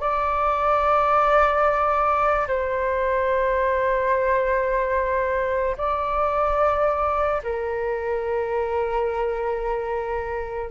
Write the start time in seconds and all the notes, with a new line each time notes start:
0.00 D5
2.47 C5
5.77 D5
7.43 A#4